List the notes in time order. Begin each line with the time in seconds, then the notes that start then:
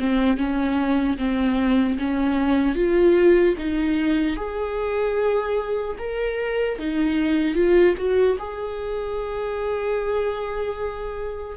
0.00 C4
0.37 C#4
1.18 C4
1.99 C#4
2.76 F4
3.58 D#4
4.37 G#4
5.99 A#4
6.79 D#4
7.55 F4
7.97 F#4
8.39 G#4